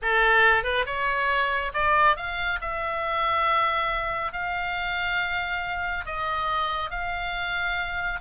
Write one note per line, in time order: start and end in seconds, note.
0.02 0.63 A4
0.63 0.85 B4
0.86 1.72 C#5
1.73 2.16 D5
2.16 2.59 F5
2.61 4.32 E5
4.32 6.05 F5
6.05 6.90 D#5
6.90 8.20 F5